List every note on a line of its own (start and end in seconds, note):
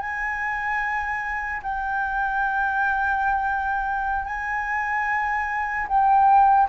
0.00 1.62 G#5
1.63 4.25 G5
4.25 5.87 G#5
5.88 6.69 G5